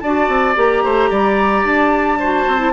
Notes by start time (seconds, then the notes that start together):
0.00 D4 F#4 D5 A5
0.29 C4
0.56 A#3 G4 A#5
0.84 A3 C5
1.10 G3 D5
1.64 D4 A5
2.19 F#4 C5
2.48 C4
2.58 E4